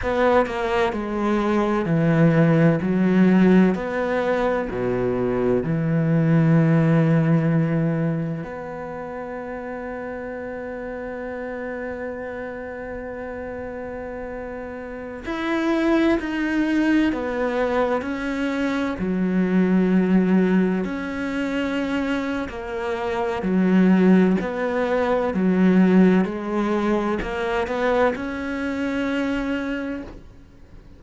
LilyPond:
\new Staff \with { instrumentName = "cello" } { \time 4/4 \tempo 4 = 64 b8 ais8 gis4 e4 fis4 | b4 b,4 e2~ | e4 b2.~ | b1~ |
b16 e'4 dis'4 b4 cis'8.~ | cis'16 fis2 cis'4.~ cis'16 | ais4 fis4 b4 fis4 | gis4 ais8 b8 cis'2 | }